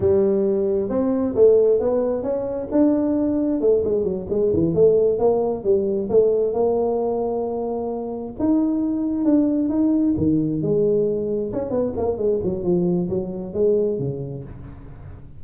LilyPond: \new Staff \with { instrumentName = "tuba" } { \time 4/4 \tempo 4 = 133 g2 c'4 a4 | b4 cis'4 d'2 | a8 gis8 fis8 gis8 e8 a4 ais8~ | ais8 g4 a4 ais4.~ |
ais2~ ais8 dis'4.~ | dis'8 d'4 dis'4 dis4 gis8~ | gis4. cis'8 b8 ais8 gis8 fis8 | f4 fis4 gis4 cis4 | }